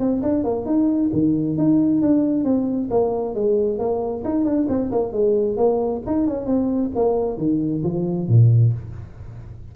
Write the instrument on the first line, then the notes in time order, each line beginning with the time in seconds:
tuba
0.00 C4
0.23 D4
0.44 A#3
0.66 D#4
1.13 D#3
1.58 D#4
2.02 D4
2.45 C4
2.91 A#3
3.35 G#3
3.79 A#3
4.25 D#4
4.45 D4
4.69 C4
4.92 A#3
5.13 G#3
5.57 A#3
6.07 D#4
6.28 C#4
6.47 C4
6.96 A#3
7.38 D#3
7.84 F3
8.29 A#2